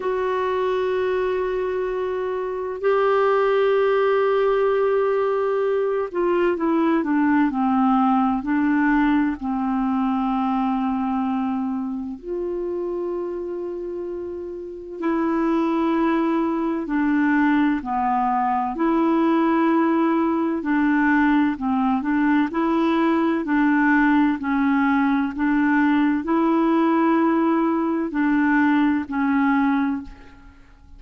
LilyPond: \new Staff \with { instrumentName = "clarinet" } { \time 4/4 \tempo 4 = 64 fis'2. g'4~ | g'2~ g'8 f'8 e'8 d'8 | c'4 d'4 c'2~ | c'4 f'2. |
e'2 d'4 b4 | e'2 d'4 c'8 d'8 | e'4 d'4 cis'4 d'4 | e'2 d'4 cis'4 | }